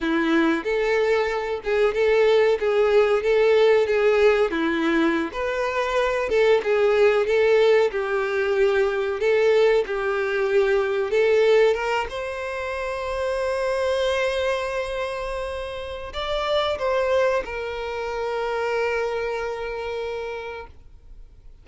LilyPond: \new Staff \with { instrumentName = "violin" } { \time 4/4 \tempo 4 = 93 e'4 a'4. gis'8 a'4 | gis'4 a'4 gis'4 e'4~ | e'16 b'4. a'8 gis'4 a'8.~ | a'16 g'2 a'4 g'8.~ |
g'4~ g'16 a'4 ais'8 c''4~ c''16~ | c''1~ | c''4 d''4 c''4 ais'4~ | ais'1 | }